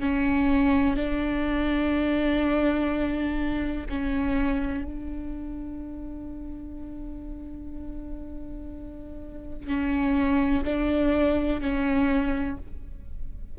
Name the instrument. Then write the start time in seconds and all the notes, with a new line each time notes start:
viola
0.00 C#4
0.96 D4
3.89 C#4
4.84 D4
9.67 C#4
10.64 D4
11.60 C#4